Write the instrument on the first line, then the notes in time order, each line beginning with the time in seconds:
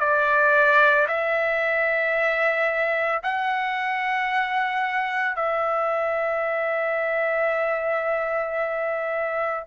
trumpet
0.00 D5
1.08 E5
3.23 F#5
5.36 E5